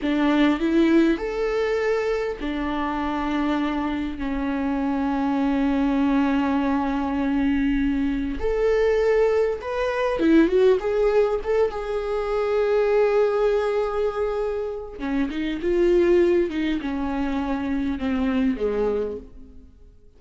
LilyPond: \new Staff \with { instrumentName = "viola" } { \time 4/4 \tempo 4 = 100 d'4 e'4 a'2 | d'2. cis'4~ | cis'1~ | cis'2 a'2 |
b'4 e'8 fis'8 gis'4 a'8 gis'8~ | gis'1~ | gis'4 cis'8 dis'8 f'4. dis'8 | cis'2 c'4 gis4 | }